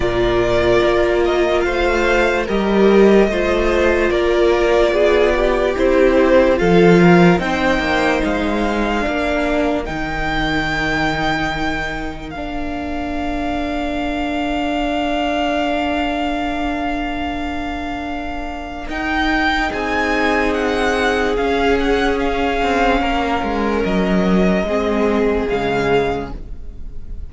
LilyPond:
<<
  \new Staff \with { instrumentName = "violin" } { \time 4/4 \tempo 4 = 73 d''4. dis''8 f''4 dis''4~ | dis''4 d''2 c''4 | f''4 g''4 f''2 | g''2. f''4~ |
f''1~ | f''2. g''4 | gis''4 fis''4 f''8 fis''8 f''4~ | f''4 dis''2 f''4 | }
  \new Staff \with { instrumentName = "violin" } { \time 4/4 ais'2 c''4 ais'4 | c''4 ais'4 gis'8 g'4. | a'8 ais'8 c''2 ais'4~ | ais'1~ |
ais'1~ | ais'1 | gis'1 | ais'2 gis'2 | }
  \new Staff \with { instrumentName = "viola" } { \time 4/4 f'2. g'4 | f'2. e'4 | f'4 dis'2 d'4 | dis'2. d'4~ |
d'1~ | d'2. dis'4~ | dis'2 cis'2~ | cis'2 c'4 gis4 | }
  \new Staff \with { instrumentName = "cello" } { \time 4/4 ais,4 ais4 a4 g4 | a4 ais4 b4 c'4 | f4 c'8 ais8 gis4 ais4 | dis2. ais4~ |
ais1~ | ais2. dis'4 | c'2 cis'4. c'8 | ais8 gis8 fis4 gis4 cis4 | }
>>